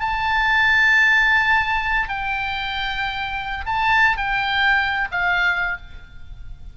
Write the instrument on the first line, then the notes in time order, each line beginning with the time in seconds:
oboe
0.00 A5
2.08 G5
3.66 A5
4.17 G5
5.12 F5